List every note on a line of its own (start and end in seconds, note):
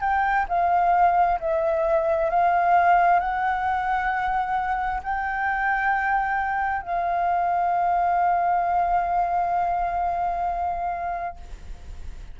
0.00 0.45 G5
0.48 1.39 F5
1.40 2.30 E5
2.30 3.19 F5
3.19 5.01 F#5
5.03 6.82 G5
6.82 11.36 F5